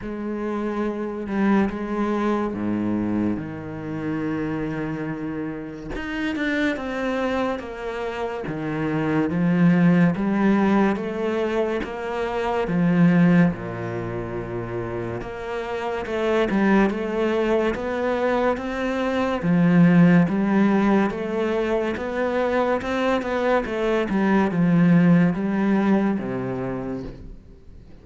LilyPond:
\new Staff \with { instrumentName = "cello" } { \time 4/4 \tempo 4 = 71 gis4. g8 gis4 gis,4 | dis2. dis'8 d'8 | c'4 ais4 dis4 f4 | g4 a4 ais4 f4 |
ais,2 ais4 a8 g8 | a4 b4 c'4 f4 | g4 a4 b4 c'8 b8 | a8 g8 f4 g4 c4 | }